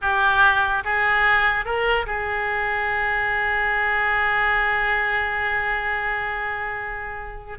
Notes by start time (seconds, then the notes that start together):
0.01 G4
0.84 G#4
1.65 A#4
2.06 G#4